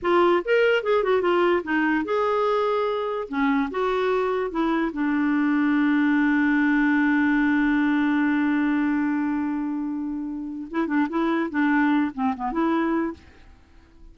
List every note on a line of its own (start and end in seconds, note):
0.02 0.43 F4
0.44 0.83 A#4
0.83 1.03 G#4
1.03 1.21 F#4
1.21 1.62 F4
1.63 2.04 D#4
2.04 3.28 G#4
3.28 3.69 C#4
3.70 4.50 F#4
4.50 4.91 E4
4.92 10.68 D4
10.70 10.87 E4
10.87 11.07 D4
11.09 11.50 E4
11.50 12.11 D4
12.14 12.35 C4
12.35 12.51 B3
12.51 13.13 E4